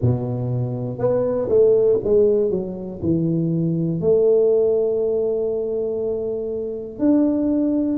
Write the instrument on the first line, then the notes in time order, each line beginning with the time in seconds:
tuba
0.01 B2
0.98 B3
1.48 A3
2.04 G#3
2.50 F#3
3.01 E3
4.00 A3
6.98 D4